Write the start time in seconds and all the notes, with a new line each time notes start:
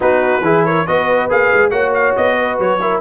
0.00 B3 D#4 F#4 B4
0.40 E3 E4 G#4
0.64 A#4 C#5
0.86 B3 F#4 B4 D#5
1.29 A#3 G#4 F5
1.52 G#3
1.70 A#3 F#4 C#5 F#5
1.93 F5
2.16 B3 D#5
2.37 B4
2.58 F#3 C#5
2.81 E4 A#4